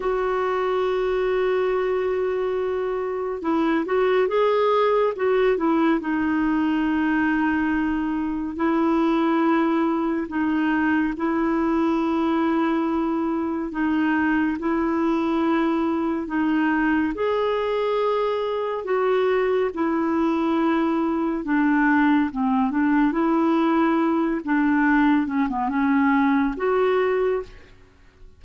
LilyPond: \new Staff \with { instrumentName = "clarinet" } { \time 4/4 \tempo 4 = 70 fis'1 | e'8 fis'8 gis'4 fis'8 e'8 dis'4~ | dis'2 e'2 | dis'4 e'2. |
dis'4 e'2 dis'4 | gis'2 fis'4 e'4~ | e'4 d'4 c'8 d'8 e'4~ | e'8 d'4 cis'16 b16 cis'4 fis'4 | }